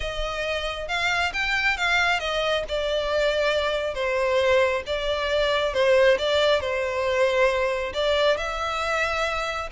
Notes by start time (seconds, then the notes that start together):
0.00 D#5
0.88 F5
1.33 G5
1.77 F5
2.19 D#5
2.68 D5
3.94 C5
4.86 D5
5.73 C5
6.18 D5
6.60 C5
7.93 D5
8.37 E5